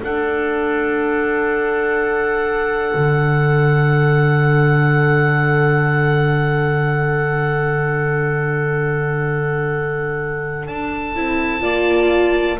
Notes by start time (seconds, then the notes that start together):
0.00 D4 A4 F#5
2.95 D3
10.67 D4 A5
11.16 C4 E4
11.61 A#3 F4 D5